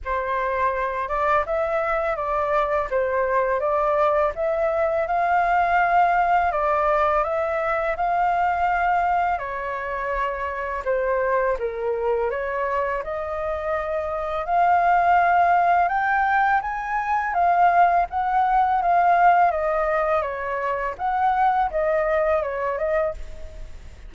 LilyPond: \new Staff \with { instrumentName = "flute" } { \time 4/4 \tempo 4 = 83 c''4. d''8 e''4 d''4 | c''4 d''4 e''4 f''4~ | f''4 d''4 e''4 f''4~ | f''4 cis''2 c''4 |
ais'4 cis''4 dis''2 | f''2 g''4 gis''4 | f''4 fis''4 f''4 dis''4 | cis''4 fis''4 dis''4 cis''8 dis''8 | }